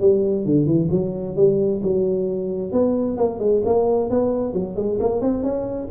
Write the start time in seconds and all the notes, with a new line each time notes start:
0.00 G3
0.45 D3
0.66 E3
0.91 F#3
1.36 G3
1.83 F#3
2.72 B3
3.17 A#3
3.39 G#3
3.65 A#3
4.10 B3
4.53 F#3
4.76 G#3
5.00 A#3
5.21 C4
5.43 C#4